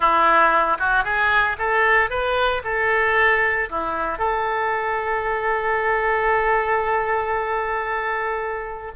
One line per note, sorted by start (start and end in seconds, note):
0.00 0.78 E4
0.78 1.04 F#4
1.04 1.56 G#4
1.58 2.09 A4
2.09 2.62 B4
2.64 3.69 A4
3.69 4.18 E4
4.18 8.92 A4